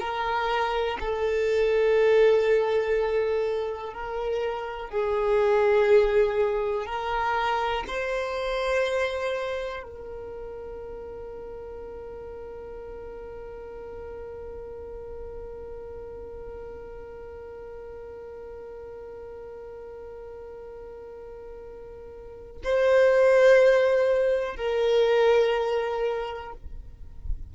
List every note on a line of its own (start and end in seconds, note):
0.00 0.98 A#4
1.00 3.93 A4
3.93 4.90 A#4
4.90 6.86 G#4
6.86 7.84 A#4
7.88 9.83 C5
9.83 22.62 A#4
22.65 24.57 C5
24.57 26.54 A#4